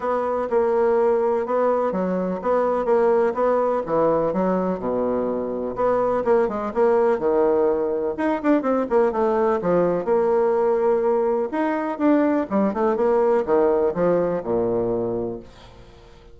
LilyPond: \new Staff \with { instrumentName = "bassoon" } { \time 4/4 \tempo 4 = 125 b4 ais2 b4 | fis4 b4 ais4 b4 | e4 fis4 b,2 | b4 ais8 gis8 ais4 dis4~ |
dis4 dis'8 d'8 c'8 ais8 a4 | f4 ais2. | dis'4 d'4 g8 a8 ais4 | dis4 f4 ais,2 | }